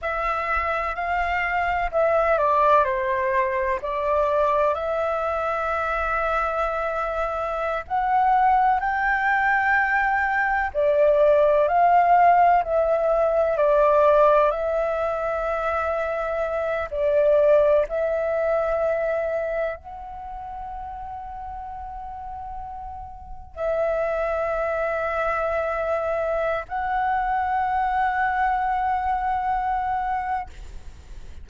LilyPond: \new Staff \with { instrumentName = "flute" } { \time 4/4 \tempo 4 = 63 e''4 f''4 e''8 d''8 c''4 | d''4 e''2.~ | e''16 fis''4 g''2 d''8.~ | d''16 f''4 e''4 d''4 e''8.~ |
e''4.~ e''16 d''4 e''4~ e''16~ | e''8. fis''2.~ fis''16~ | fis''8. e''2.~ e''16 | fis''1 | }